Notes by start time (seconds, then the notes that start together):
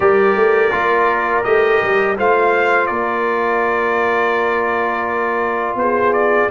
0.00 G3 G4 A#4 D5
0.35 A3
0.70 A#3 F4
1.43 A3 G4 D#5
1.82 G3
2.16 A3 F4 C5 F5
2.86 A#3 A#4 D5
5.75 B3 G#4 C5
6.13 D5